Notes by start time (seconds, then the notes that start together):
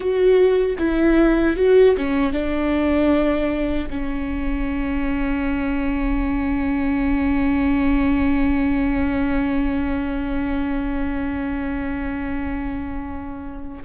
0.00 F#4
0.78 E4
1.56 F#4
1.97 C#4
2.32 D4
3.90 C#4